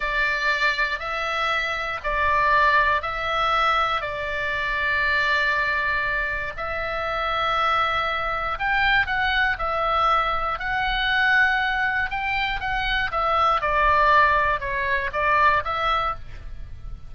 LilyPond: \new Staff \with { instrumentName = "oboe" } { \time 4/4 \tempo 4 = 119 d''2 e''2 | d''2 e''2 | d''1~ | d''4 e''2.~ |
e''4 g''4 fis''4 e''4~ | e''4 fis''2. | g''4 fis''4 e''4 d''4~ | d''4 cis''4 d''4 e''4 | }